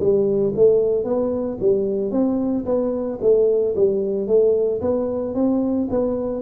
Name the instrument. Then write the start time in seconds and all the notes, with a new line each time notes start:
tuba
0.00 G3
0.56 A3
1.04 B3
1.60 G3
2.11 C4
2.65 B3
3.21 A3
3.76 G3
4.28 A3
4.82 B3
5.35 C4
5.91 B3